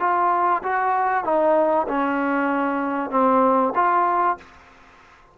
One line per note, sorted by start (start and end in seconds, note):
0.00 0.62 F4
0.63 1.24 F#4
1.24 1.87 D#4
1.88 3.11 C#4
3.11 3.73 C4
3.75 4.38 F4